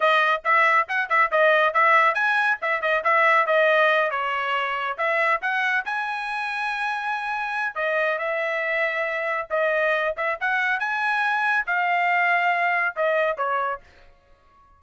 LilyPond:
\new Staff \with { instrumentName = "trumpet" } { \time 4/4 \tempo 4 = 139 dis''4 e''4 fis''8 e''8 dis''4 | e''4 gis''4 e''8 dis''8 e''4 | dis''4. cis''2 e''8~ | e''8 fis''4 gis''2~ gis''8~ |
gis''2 dis''4 e''4~ | e''2 dis''4. e''8 | fis''4 gis''2 f''4~ | f''2 dis''4 cis''4 | }